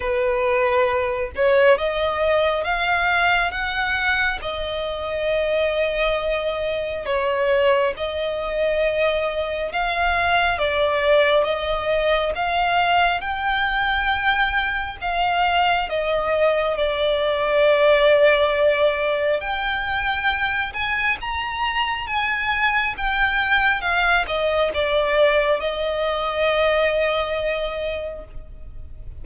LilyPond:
\new Staff \with { instrumentName = "violin" } { \time 4/4 \tempo 4 = 68 b'4. cis''8 dis''4 f''4 | fis''4 dis''2. | cis''4 dis''2 f''4 | d''4 dis''4 f''4 g''4~ |
g''4 f''4 dis''4 d''4~ | d''2 g''4. gis''8 | ais''4 gis''4 g''4 f''8 dis''8 | d''4 dis''2. | }